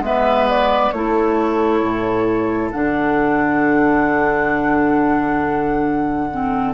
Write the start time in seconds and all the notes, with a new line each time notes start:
0.00 G#3 B3 B4 E5
0.50 D5
0.92 A3 E4 A4 C#5
1.83 A2
2.72 D3 D4 F#5
6.31 C4